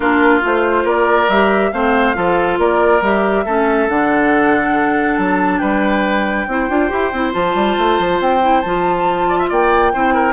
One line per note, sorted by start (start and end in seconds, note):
0.00 0.42 A#3
0.00 0.41 D4
0.00 0.83 F4
0.00 0.40 A#4
0.41 0.84 A3
0.41 1.27 F4
0.41 0.87 C5
0.84 1.27 A#3
0.84 1.70 A#4
0.84 1.29 D5
1.28 1.71 G3
1.28 1.73 G4
1.28 1.72 E5
1.72 2.15 A3
1.72 2.14 C4
1.72 2.16 C5
1.72 2.58 F5
2.14 2.58 F3
2.14 3.00 F4
2.14 2.59 A4
2.58 3.01 A#3
2.58 3.45 A#4
2.58 3.02 D5
3.01 3.44 G3
3.01 3.46 G4
3.01 3.89 E5
3.45 3.88 A3
3.45 3.88 C#4
3.45 5.60 A4
3.88 5.17 D3
3.88 6.47 D4
3.88 5.16 F#5
5.16 5.60 F#3
5.16 5.58 A5
5.58 6.47 G3
5.58 6.46 B4
5.58 7.31 G5
6.47 6.68 C4
6.47 6.69 E4
6.47 9.28 C5
6.69 6.90 D4
6.69 6.89 F4
6.89 7.12 E4
6.89 7.10 G4
7.12 7.34 C4
7.12 7.32 E4
7.32 7.54 F3
7.32 8.40 F4
7.32 8.20 A5
7.54 7.76 G3
7.77 7.98 A3
7.98 8.20 F3
8.20 8.63 C4
8.20 8.61 G5
8.41 8.62 E4
8.61 9.50 F3
8.61 9.93 F4
8.61 9.47 A5
9.28 9.38 D5
9.38 9.49 E5
9.49 9.94 A#3
9.49 9.92 D5
9.49 10.32 G5
9.93 10.32 C4
9.93 10.32 E4
9.93 10.13 C5
10.13 10.32 A#4